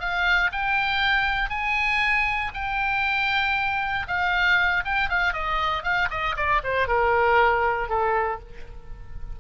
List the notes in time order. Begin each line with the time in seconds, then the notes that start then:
0.00 F5
0.52 G5
1.50 G#5
2.54 G5
4.08 F5
4.85 G5
5.09 F5
5.33 D#5
5.84 F5
6.10 D#5
6.36 D5
6.64 C5
6.88 A#4
7.89 A4